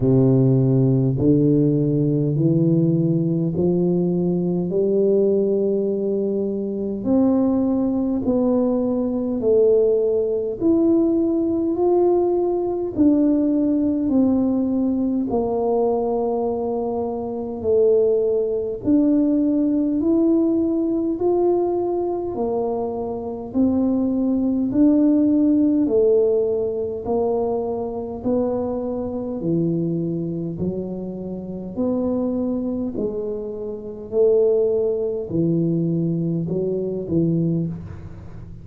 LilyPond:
\new Staff \with { instrumentName = "tuba" } { \time 4/4 \tempo 4 = 51 c4 d4 e4 f4 | g2 c'4 b4 | a4 e'4 f'4 d'4 | c'4 ais2 a4 |
d'4 e'4 f'4 ais4 | c'4 d'4 a4 ais4 | b4 e4 fis4 b4 | gis4 a4 e4 fis8 e8 | }